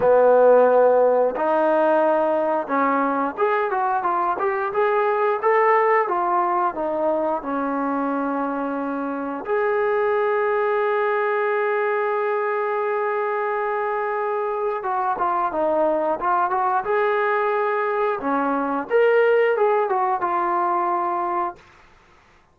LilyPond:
\new Staff \with { instrumentName = "trombone" } { \time 4/4 \tempo 4 = 89 b2 dis'2 | cis'4 gis'8 fis'8 f'8 g'8 gis'4 | a'4 f'4 dis'4 cis'4~ | cis'2 gis'2~ |
gis'1~ | gis'2 fis'8 f'8 dis'4 | f'8 fis'8 gis'2 cis'4 | ais'4 gis'8 fis'8 f'2 | }